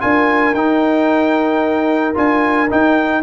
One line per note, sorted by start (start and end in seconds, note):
0.00 0.53 D4
0.00 0.54 F4
0.00 3.23 A#4
0.00 0.54 G#5
0.53 2.14 D#4
0.53 2.15 G5
2.14 2.71 D4
2.14 2.68 F4
2.14 2.70 G#5
2.70 3.23 D#4
2.70 3.23 G5